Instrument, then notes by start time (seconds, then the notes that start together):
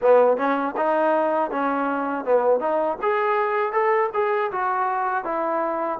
trombone
0.01 B3
0.37 C#4
0.76 D#4
1.50 C#4
2.24 B3
2.60 D#4
3.01 G#4
3.72 A4
4.13 G#4
4.51 F#4
5.24 E4